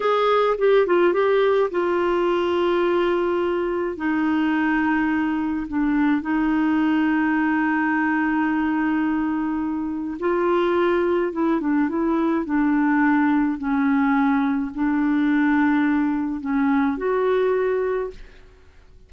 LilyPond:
\new Staff \with { instrumentName = "clarinet" } { \time 4/4 \tempo 4 = 106 gis'4 g'8 f'8 g'4 f'4~ | f'2. dis'4~ | dis'2 d'4 dis'4~ | dis'1~ |
dis'2 f'2 | e'8 d'8 e'4 d'2 | cis'2 d'2~ | d'4 cis'4 fis'2 | }